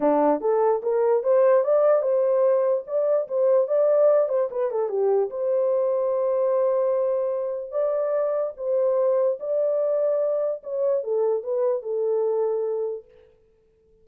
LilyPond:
\new Staff \with { instrumentName = "horn" } { \time 4/4 \tempo 4 = 147 d'4 a'4 ais'4 c''4 | d''4 c''2 d''4 | c''4 d''4. c''8 b'8 a'8 | g'4 c''2.~ |
c''2. d''4~ | d''4 c''2 d''4~ | d''2 cis''4 a'4 | b'4 a'2. | }